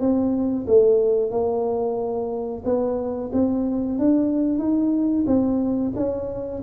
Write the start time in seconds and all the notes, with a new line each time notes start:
0.00 C4
0.67 A3
1.31 A#3
2.65 B3
3.33 C4
3.99 D4
4.59 D#4
5.27 C4
5.96 C#4